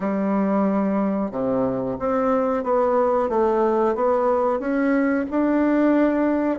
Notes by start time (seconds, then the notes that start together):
0.00 G3
1.31 C3
1.99 C4
2.63 B3
3.29 A3
3.95 B3
4.59 C#4
5.30 D4